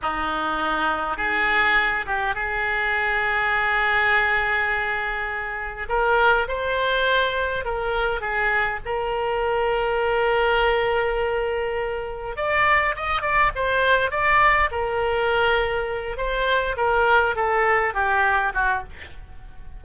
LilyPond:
\new Staff \with { instrumentName = "oboe" } { \time 4/4 \tempo 4 = 102 dis'2 gis'4. g'8 | gis'1~ | gis'2 ais'4 c''4~ | c''4 ais'4 gis'4 ais'4~ |
ais'1~ | ais'4 d''4 dis''8 d''8 c''4 | d''4 ais'2~ ais'8 c''8~ | c''8 ais'4 a'4 g'4 fis'8 | }